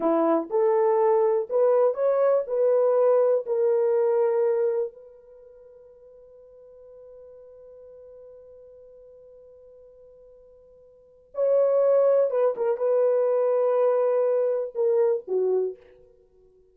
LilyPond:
\new Staff \with { instrumentName = "horn" } { \time 4/4 \tempo 4 = 122 e'4 a'2 b'4 | cis''4 b'2 ais'4~ | ais'2 b'2~ | b'1~ |
b'1~ | b'2. cis''4~ | cis''4 b'8 ais'8 b'2~ | b'2 ais'4 fis'4 | }